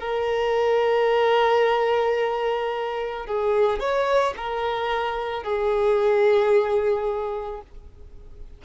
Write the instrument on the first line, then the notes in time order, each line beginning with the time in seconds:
violin
0.00 A#4
3.27 G#4
3.80 C#5
4.37 A#4
5.43 G#4